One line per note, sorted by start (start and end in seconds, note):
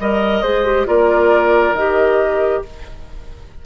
0.00 0.43 G3
0.00 0.45 A#4
0.00 0.42 D#5
0.00 0.88 D#5
0.42 0.87 G#3
0.42 0.65 G#4
0.42 0.86 C5
0.65 0.87 G4
0.87 1.73 A#3
0.87 1.75 F4
0.87 2.64 A#4
0.87 1.75 D5
1.73 2.61 D#3
1.73 2.66 G4
1.73 2.63 D#5